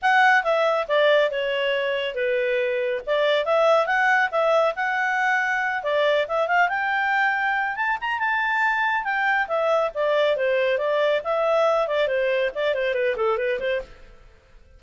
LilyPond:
\new Staff \with { instrumentName = "clarinet" } { \time 4/4 \tempo 4 = 139 fis''4 e''4 d''4 cis''4~ | cis''4 b'2 d''4 | e''4 fis''4 e''4 fis''4~ | fis''4. d''4 e''8 f''8 g''8~ |
g''2 a''8 ais''8 a''4~ | a''4 g''4 e''4 d''4 | c''4 d''4 e''4. d''8 | c''4 d''8 c''8 b'8 a'8 b'8 c''8 | }